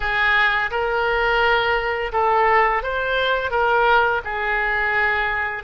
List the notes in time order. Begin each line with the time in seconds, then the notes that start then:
0.00 G#4
0.71 A#4
2.12 A4
2.82 C5
3.50 A#4
4.24 G#4